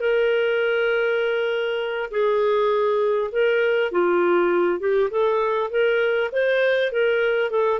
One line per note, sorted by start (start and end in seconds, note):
0.00 2.10 A#4
2.11 3.31 G#4
3.31 3.91 A#4
3.92 4.79 F4
4.79 5.09 G4
5.10 5.70 A4
5.70 6.30 A#4
6.32 6.92 C5
6.92 7.50 A#4
7.50 7.79 A4